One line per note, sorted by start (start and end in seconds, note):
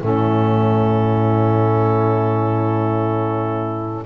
0.00 4.06 A2
0.00 4.04 C#4
0.00 4.06 E4
0.00 4.06 A4